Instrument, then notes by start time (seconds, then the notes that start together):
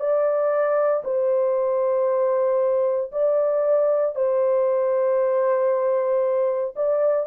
horn
0.00 D5
1.05 C5
3.13 D5
4.16 C5
6.77 D5